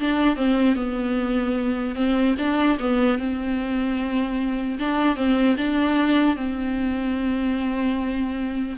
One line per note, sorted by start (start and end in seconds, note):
0.00 0.36 D4
0.36 0.76 C4
0.76 1.95 B3
1.95 2.35 C4
2.39 2.79 D4
2.79 3.18 B3
3.18 4.78 C4
4.79 5.16 D4
5.16 5.56 C4
5.57 6.36 D4
6.36 8.76 C4